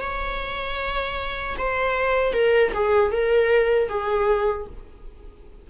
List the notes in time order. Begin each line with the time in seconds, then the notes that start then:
0.00 C#5
1.58 C5
2.33 A#4
2.73 G#4
3.11 A#4
3.89 G#4